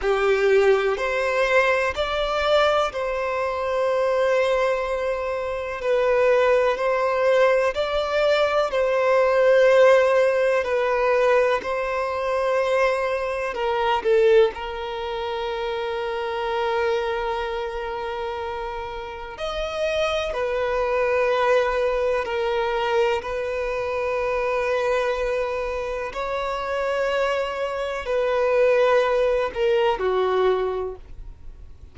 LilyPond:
\new Staff \with { instrumentName = "violin" } { \time 4/4 \tempo 4 = 62 g'4 c''4 d''4 c''4~ | c''2 b'4 c''4 | d''4 c''2 b'4 | c''2 ais'8 a'8 ais'4~ |
ais'1 | dis''4 b'2 ais'4 | b'2. cis''4~ | cis''4 b'4. ais'8 fis'4 | }